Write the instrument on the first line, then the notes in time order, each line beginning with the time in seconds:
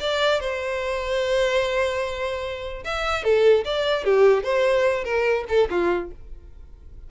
violin
0.00 D5
0.41 C5
2.85 E5
3.24 A4
3.65 D5
4.04 G4
4.44 C5
5.05 A#4
5.49 A4
5.71 F4